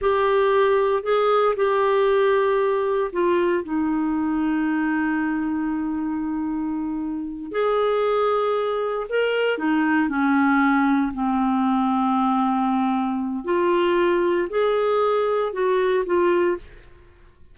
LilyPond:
\new Staff \with { instrumentName = "clarinet" } { \time 4/4 \tempo 4 = 116 g'2 gis'4 g'4~ | g'2 f'4 dis'4~ | dis'1~ | dis'2~ dis'8 gis'4.~ |
gis'4. ais'4 dis'4 cis'8~ | cis'4. c'2~ c'8~ | c'2 f'2 | gis'2 fis'4 f'4 | }